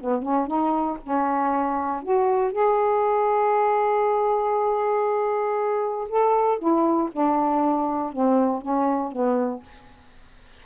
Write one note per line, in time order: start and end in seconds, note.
0.00 0.22 B3
0.22 0.47 C#4
0.47 0.98 D#4
1.03 2.03 C#4
2.03 2.52 F#4
2.52 6.08 G#4
6.09 6.58 A4
6.58 7.09 E4
7.12 8.13 D4
8.13 8.61 C4
8.61 9.12 C#4
9.12 9.63 B3